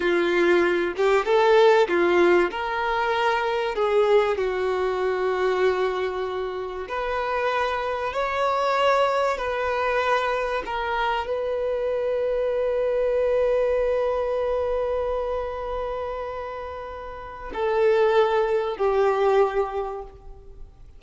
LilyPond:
\new Staff \with { instrumentName = "violin" } { \time 4/4 \tempo 4 = 96 f'4. g'8 a'4 f'4 | ais'2 gis'4 fis'4~ | fis'2. b'4~ | b'4 cis''2 b'4~ |
b'4 ais'4 b'2~ | b'1~ | b'1 | a'2 g'2 | }